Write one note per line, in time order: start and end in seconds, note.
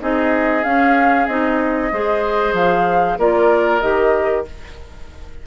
0.00 0.65 C4
0.00 0.64 D#4
0.00 1.93 G#4
0.00 0.64 D#5
0.64 1.28 C#4
0.64 1.27 F5
1.27 1.91 C4
1.27 1.93 D#4
1.27 2.55 D#5
1.92 2.53 G#3
1.92 3.19 G#4
1.92 3.19 C5
2.53 3.17 F3
2.53 3.19 F5
3.18 3.82 A#3
3.18 3.82 F4
3.18 4.46 A#4
3.18 3.81 D5
3.81 4.47 D#3
3.81 4.45 G4
3.81 4.45 D#5